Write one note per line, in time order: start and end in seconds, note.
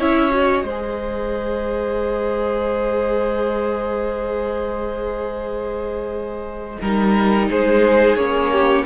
0.00 0.64 C#4
0.00 0.31 E4
0.00 0.66 C#5
0.00 0.34 E5
0.31 0.65 F#4
0.31 7.50 D#5
0.64 6.78 G#3
0.64 6.79 C5
0.71 6.82 G#4
6.81 7.50 G3
6.81 8.18 D#4
6.81 7.50 A#4
7.50 8.16 G#3
7.50 8.52 G#4
7.50 8.16 C5
8.16 8.85 A#3
8.16 8.86 C#4
8.16 8.85 C#5
8.52 8.86 G4